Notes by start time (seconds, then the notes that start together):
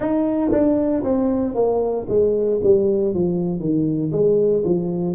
0.00 D#4
0.51 D4
1.03 C4
1.55 A#3
2.08 G#3
2.63 G3
3.14 F3
3.59 D#3
4.11 G#3
4.64 F3